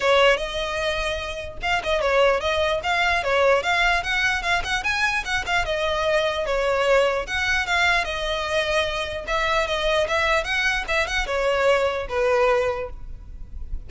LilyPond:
\new Staff \with { instrumentName = "violin" } { \time 4/4 \tempo 4 = 149 cis''4 dis''2. | f''8 dis''8 cis''4 dis''4 f''4 | cis''4 f''4 fis''4 f''8 fis''8 | gis''4 fis''8 f''8 dis''2 |
cis''2 fis''4 f''4 | dis''2. e''4 | dis''4 e''4 fis''4 e''8 fis''8 | cis''2 b'2 | }